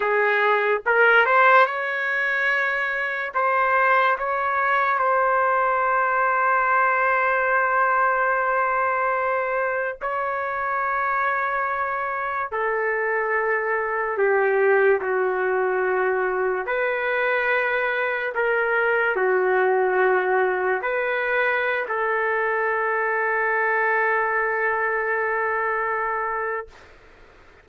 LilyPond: \new Staff \with { instrumentName = "trumpet" } { \time 4/4 \tempo 4 = 72 gis'4 ais'8 c''8 cis''2 | c''4 cis''4 c''2~ | c''1 | cis''2. a'4~ |
a'4 g'4 fis'2 | b'2 ais'4 fis'4~ | fis'4 b'4~ b'16 a'4.~ a'16~ | a'1 | }